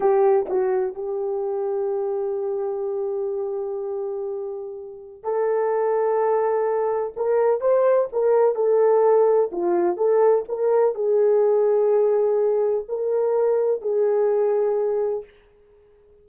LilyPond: \new Staff \with { instrumentName = "horn" } { \time 4/4 \tempo 4 = 126 g'4 fis'4 g'2~ | g'1~ | g'2. a'4~ | a'2. ais'4 |
c''4 ais'4 a'2 | f'4 a'4 ais'4 gis'4~ | gis'2. ais'4~ | ais'4 gis'2. | }